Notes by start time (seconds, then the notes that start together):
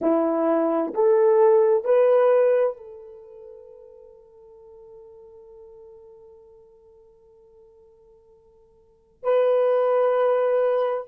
0.01 E4
0.94 A4
1.84 B4
2.77 A4
9.23 B4